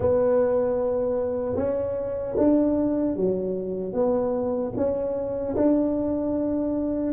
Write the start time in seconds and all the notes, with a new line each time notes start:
0.00 B3
1.56 C#4
2.37 D4
3.16 F#3
3.93 B3
4.76 C#4
5.56 D4